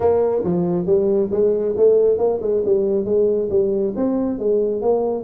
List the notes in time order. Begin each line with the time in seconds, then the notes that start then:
0.00 A#3
0.43 F3
0.85 G3
1.31 G#3
1.77 A3
2.18 A#3
2.41 G#3
2.65 G3
3.04 G#3
3.50 G3
3.96 C4
4.38 G#3
4.81 A#3